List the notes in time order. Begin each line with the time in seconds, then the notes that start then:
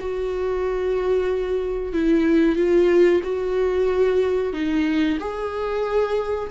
0.00 F#4
1.93 E4
2.56 F4
3.24 F#4
4.54 D#4
5.20 G#4